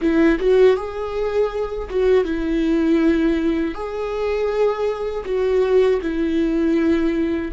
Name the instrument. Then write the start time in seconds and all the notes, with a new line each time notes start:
viola
0.01 E4
0.39 F#4
0.76 G#4
1.89 F#4
2.24 E4
3.74 G#4
5.25 F#4
6.01 E4